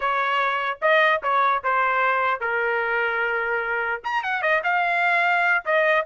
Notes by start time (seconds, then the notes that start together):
0.00 C#5
0.81 D#5
1.23 C#5
1.63 C5
2.40 A#4
4.04 A#5
4.23 F#5
4.41 D#5
4.63 F5
5.65 D#5